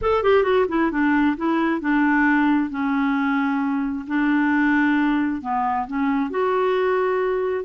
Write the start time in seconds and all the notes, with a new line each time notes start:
0.01 A4
0.23 G4
0.43 F#4
0.68 E4
0.91 D4
1.36 E4
1.80 D4
2.70 C#4
4.07 D4
5.41 B3
5.87 C#4
6.30 F#4